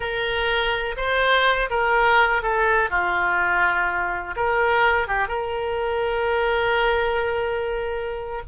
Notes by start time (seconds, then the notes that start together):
0.00 A#4
0.97 C5
1.69 A#4
2.42 A4
2.89 F4
4.35 A#4
5.07 G4
5.28 A#4